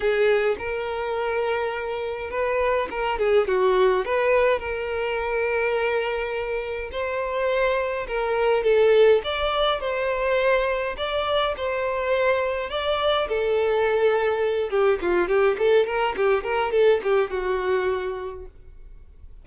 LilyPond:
\new Staff \with { instrumentName = "violin" } { \time 4/4 \tempo 4 = 104 gis'4 ais'2. | b'4 ais'8 gis'8 fis'4 b'4 | ais'1 | c''2 ais'4 a'4 |
d''4 c''2 d''4 | c''2 d''4 a'4~ | a'4. g'8 f'8 g'8 a'8 ais'8 | g'8 ais'8 a'8 g'8 fis'2 | }